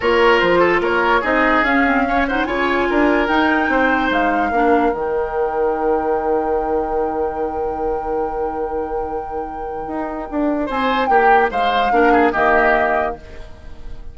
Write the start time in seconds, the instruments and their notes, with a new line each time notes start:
0.00 bassoon A#3, clarinet F4, oboe A#4, flute C#5
0.39 bassoon F3, flute C5
0.59 oboe A4
0.80 bassoon A#3, oboe A#4, flute C#5
1.21 bassoon C4, clarinet D#4, oboe G#4, flute D#5
1.62 bassoon C#4, clarinet C#4, flute F5
1.86 clarinet C4
2.06 clarinet C#4, oboe C#5
2.27 clarinet D#4, oboe C5, flute F#5
2.45 bassoon C#3, clarinet F4, oboe C#5, flute G#5
2.89 bassoon D4, oboe A#4
3.27 bassoon D#4, clarinet D#4, flute G5
3.68 bassoon C4, oboe C5
4.10 bassoon G#3, flute F5
4.50 bassoon A#3, clarinet D4, oboe A#4
4.92 bassoon D#3, clarinet D#4, flute G5
9.87 bassoon D#4
10.30 bassoon D4
10.66 bassoon C4, oboe C5, flute G#5
11.06 bassoon A#3, oboe G4, flute G5
11.50 bassoon G#3, oboe C5, flute F5
11.91 bassoon A#3, clarinet D4, oboe A#4
12.12 oboe G#4
12.32 bassoon D#3, clarinet A#3, oboe G4, flute D#5